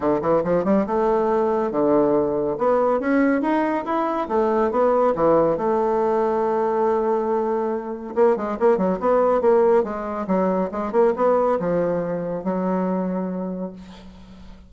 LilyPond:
\new Staff \with { instrumentName = "bassoon" } { \time 4/4 \tempo 4 = 140 d8 e8 f8 g8 a2 | d2 b4 cis'4 | dis'4 e'4 a4 b4 | e4 a2.~ |
a2. ais8 gis8 | ais8 fis8 b4 ais4 gis4 | fis4 gis8 ais8 b4 f4~ | f4 fis2. | }